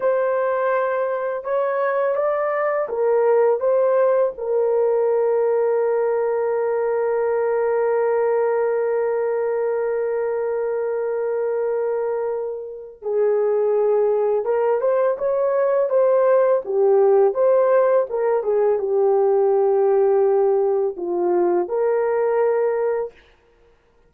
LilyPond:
\new Staff \with { instrumentName = "horn" } { \time 4/4 \tempo 4 = 83 c''2 cis''4 d''4 | ais'4 c''4 ais'2~ | ais'1~ | ais'1~ |
ais'2 gis'2 | ais'8 c''8 cis''4 c''4 g'4 | c''4 ais'8 gis'8 g'2~ | g'4 f'4 ais'2 | }